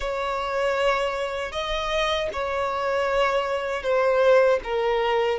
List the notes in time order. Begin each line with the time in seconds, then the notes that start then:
0.00 C#5
1.52 D#5
2.32 C#5
3.83 C5
4.63 A#4